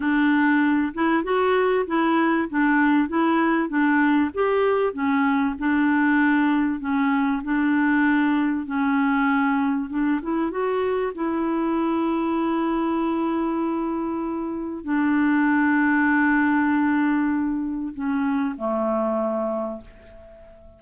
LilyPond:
\new Staff \with { instrumentName = "clarinet" } { \time 4/4 \tempo 4 = 97 d'4. e'8 fis'4 e'4 | d'4 e'4 d'4 g'4 | cis'4 d'2 cis'4 | d'2 cis'2 |
d'8 e'8 fis'4 e'2~ | e'1 | d'1~ | d'4 cis'4 a2 | }